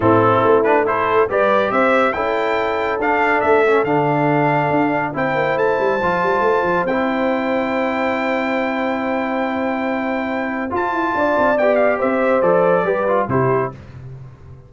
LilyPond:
<<
  \new Staff \with { instrumentName = "trumpet" } { \time 4/4 \tempo 4 = 140 a'4. b'8 c''4 d''4 | e''4 g''2 f''4 | e''4 f''2. | g''4 a''2. |
g''1~ | g''1~ | g''4 a''2 g''8 f''8 | e''4 d''2 c''4 | }
  \new Staff \with { instrumentName = "horn" } { \time 4/4 e'2 a'4 b'4 | c''4 a'2.~ | a'1 | c''1~ |
c''1~ | c''1~ | c''2 d''2 | c''2 b'4 g'4 | }
  \new Staff \with { instrumentName = "trombone" } { \time 4/4 c'4. d'8 e'4 g'4~ | g'4 e'2 d'4~ | d'8 cis'8 d'2. | e'2 f'2 |
e'1~ | e'1~ | e'4 f'2 g'4~ | g'4 a'4 g'8 f'8 e'4 | }
  \new Staff \with { instrumentName = "tuba" } { \time 4/4 a,4 a2 g4 | c'4 cis'2 d'4 | a4 d2 d'4 | c'8 ais8 a8 g8 f8 g8 a8 f8 |
c'1~ | c'1~ | c'4 f'8 e'8 d'8 c'8 b4 | c'4 f4 g4 c4 | }
>>